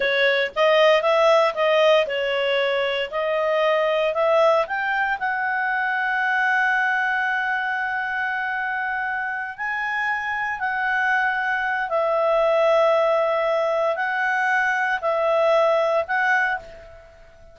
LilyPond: \new Staff \with { instrumentName = "clarinet" } { \time 4/4 \tempo 4 = 116 cis''4 dis''4 e''4 dis''4 | cis''2 dis''2 | e''4 g''4 fis''2~ | fis''1~ |
fis''2~ fis''8 gis''4.~ | gis''8 fis''2~ fis''8 e''4~ | e''2. fis''4~ | fis''4 e''2 fis''4 | }